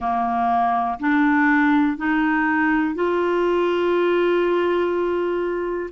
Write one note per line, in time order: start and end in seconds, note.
0.00 0.98 A#3
0.99 1.97 D4
1.97 2.95 D#4
2.95 5.90 F4